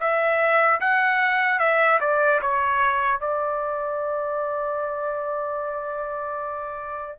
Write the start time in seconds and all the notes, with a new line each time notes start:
0.00 E5
0.80 F#5
1.59 E5
2.00 D5
2.42 C#5
3.20 D5